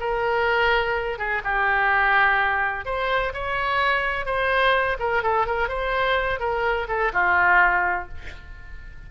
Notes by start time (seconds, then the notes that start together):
0.00 A#4
1.18 G#4
1.44 G4
2.85 C5
3.33 C#5
4.26 C5
4.99 A#4
5.23 A4
5.46 A#4
5.68 C5
6.39 A#4
6.88 A4
7.13 F4